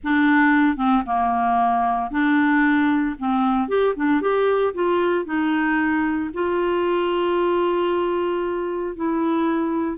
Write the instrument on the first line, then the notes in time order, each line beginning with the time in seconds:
clarinet
0.03 D4
0.76 C4
1.06 A#3
2.10 D4
3.18 C4
3.68 G4
3.95 D4
4.21 G4
4.73 F4
5.25 D#4
6.33 F4
8.95 E4